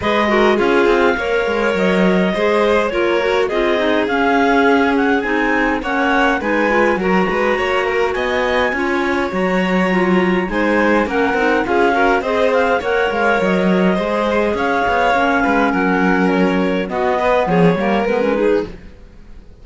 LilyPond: <<
  \new Staff \with { instrumentName = "clarinet" } { \time 4/4 \tempo 4 = 103 dis''4 f''2 dis''4~ | dis''4 cis''4 dis''4 f''4~ | f''8 fis''8 gis''4 fis''4 gis''4 | ais''2 gis''2 |
ais''2 gis''4 fis''4 | f''4 dis''8 f''8 fis''8 f''8 dis''4~ | dis''4 f''2 fis''4 | cis''4 dis''4 cis''4 b'4 | }
  \new Staff \with { instrumentName = "violin" } { \time 4/4 b'8 ais'8 gis'4 cis''2 | c''4 ais'4 gis'2~ | gis'2 cis''4 b'4 | ais'8 b'8 cis''8 ais'8 dis''4 cis''4~ |
cis''2 c''4 ais'4 | gis'8 ais'8 c''4 cis''2 | c''4 cis''4. b'8 ais'4~ | ais'4 fis'8 b'8 gis'8 ais'4 gis'8 | }
  \new Staff \with { instrumentName = "clarinet" } { \time 4/4 gis'8 fis'8 f'4 ais'2 | gis'4 f'8 fis'8 f'8 dis'8 cis'4~ | cis'4 dis'4 cis'4 dis'8 f'8 | fis'2. f'4 |
fis'4 f'4 dis'4 cis'8 dis'8 | f'8 fis'8 gis'4 ais'2 | gis'2 cis'2~ | cis'4 b4. ais8 b16 cis'16 dis'8 | }
  \new Staff \with { instrumentName = "cello" } { \time 4/4 gis4 cis'8 c'8 ais8 gis8 fis4 | gis4 ais4 c'4 cis'4~ | cis'4 c'4 ais4 gis4 | fis8 gis8 ais4 b4 cis'4 |
fis2 gis4 ais8 c'8 | cis'4 c'4 ais8 gis8 fis4 | gis4 cis'8 b8 ais8 gis8 fis4~ | fis4 b4 f8 g8 gis4 | }
>>